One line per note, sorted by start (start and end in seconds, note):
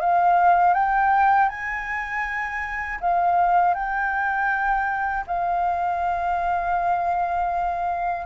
0.00 0.73 F5
0.73 1.48 G5
1.49 2.99 G#5
3.00 3.74 F5
3.74 5.24 G5
5.27 8.26 F5